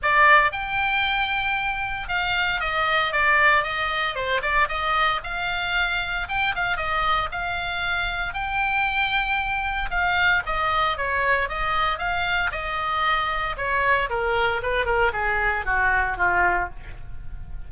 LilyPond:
\new Staff \with { instrumentName = "oboe" } { \time 4/4 \tempo 4 = 115 d''4 g''2. | f''4 dis''4 d''4 dis''4 | c''8 d''8 dis''4 f''2 | g''8 f''8 dis''4 f''2 |
g''2. f''4 | dis''4 cis''4 dis''4 f''4 | dis''2 cis''4 ais'4 | b'8 ais'8 gis'4 fis'4 f'4 | }